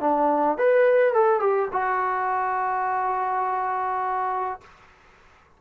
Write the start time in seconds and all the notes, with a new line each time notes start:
0.00 D4
0.58 B4
1.13 A4
1.40 G4
1.72 F#4